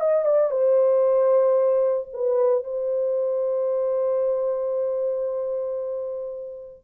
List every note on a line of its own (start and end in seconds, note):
0.00 0.25 D#5
0.25 0.51 D5
0.51 2.09 C5
2.13 2.64 B4
2.64 6.84 C5